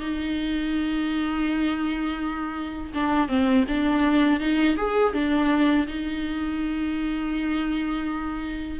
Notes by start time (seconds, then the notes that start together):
0.00 D#4
2.94 D4
3.29 C4
3.68 D4
4.40 D#4
4.77 G#4
5.14 D4
5.87 D#4